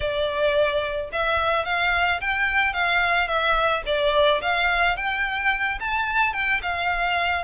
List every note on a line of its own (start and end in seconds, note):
0.00 1.10 D5
1.12 1.65 E5
1.65 2.20 F5
2.20 2.73 G5
2.73 3.27 F5
3.27 3.82 E5
3.86 4.41 D5
4.41 4.96 F5
4.96 5.78 G5
5.79 6.33 A5
6.33 6.60 G5
6.62 7.44 F5